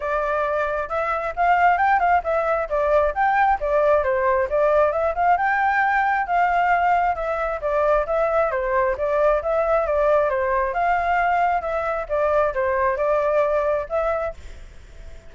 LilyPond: \new Staff \with { instrumentName = "flute" } { \time 4/4 \tempo 4 = 134 d''2 e''4 f''4 | g''8 f''8 e''4 d''4 g''4 | d''4 c''4 d''4 e''8 f''8 | g''2 f''2 |
e''4 d''4 e''4 c''4 | d''4 e''4 d''4 c''4 | f''2 e''4 d''4 | c''4 d''2 e''4 | }